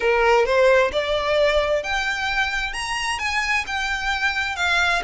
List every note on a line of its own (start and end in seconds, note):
0.00 0.45 A#4
0.45 0.91 C5
0.92 1.83 D5
1.83 2.73 G5
2.73 3.18 A#5
3.18 3.64 G#5
3.66 4.56 G5
4.56 5.02 F5